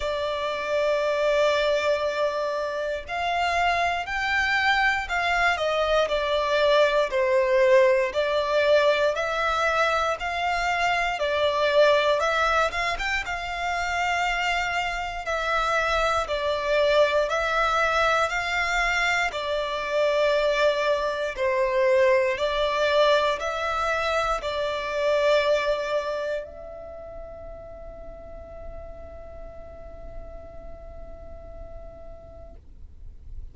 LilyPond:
\new Staff \with { instrumentName = "violin" } { \time 4/4 \tempo 4 = 59 d''2. f''4 | g''4 f''8 dis''8 d''4 c''4 | d''4 e''4 f''4 d''4 | e''8 f''16 g''16 f''2 e''4 |
d''4 e''4 f''4 d''4~ | d''4 c''4 d''4 e''4 | d''2 e''2~ | e''1 | }